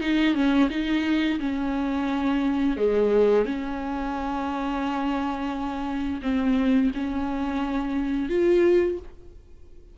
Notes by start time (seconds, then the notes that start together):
0.00 D#4
0.34 C#4
0.70 D#4
1.39 C#4
2.76 G#3
3.45 C#4
6.22 C4
6.94 C#4
8.29 F4